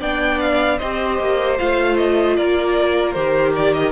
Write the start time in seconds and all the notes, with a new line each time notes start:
0.00 B3 D4 D5 G5
0.41 F5
0.79 C4 G4 C5 D#5
1.20 A#3
1.58 A3 F4 F5
1.97 D#5
2.36 A#3 A#4 D5
3.13 D#3 G4 C5
3.56 D5
3.74 D#5